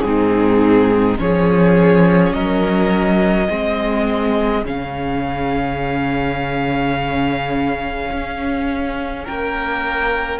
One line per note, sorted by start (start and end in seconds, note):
0.00 1.19 G#2
0.00 1.18 C4
0.00 1.15 G#4
0.06 1.21 D#4
1.18 2.33 F3
1.18 3.48 C#4
1.18 2.35 G#4
1.18 2.33 C#5
2.33 3.48 F#3
2.33 3.49 A#4
2.33 4.64 D#5
3.49 4.64 G#3
3.49 4.64 C4
3.49 9.24 G#4
4.64 8.10 C#3
4.64 10.40 C#4
4.64 9.26 F5
8.11 9.26 C#4
9.24 10.40 A#3
9.24 10.39 A#4
9.24 10.40 G5